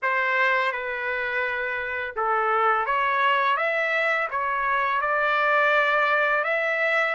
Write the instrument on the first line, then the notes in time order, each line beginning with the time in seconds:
trumpet
0.02 C5
0.71 B4
2.16 A4
2.85 C#5
3.56 E5
4.30 C#5
5.01 D5
6.44 E5